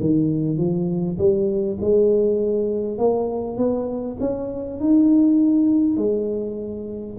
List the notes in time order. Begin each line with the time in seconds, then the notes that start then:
0.00 D#3
0.58 F3
1.18 G3
1.81 G#3
2.98 A#3
3.57 B3
4.20 C#4
4.80 D#4
5.97 G#3